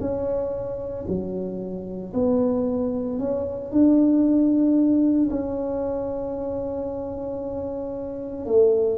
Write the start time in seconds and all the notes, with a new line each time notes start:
0.00 C#4
1.08 F#3
2.13 B3
3.19 C#4
3.71 D4
5.30 C#4
8.45 A3